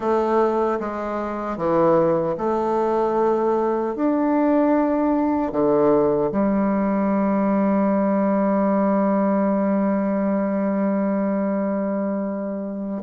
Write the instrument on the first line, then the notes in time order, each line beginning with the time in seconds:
bassoon
0.00 A3
0.80 G#3
1.57 E3
2.37 A3
3.95 D4
5.52 D3
6.31 G3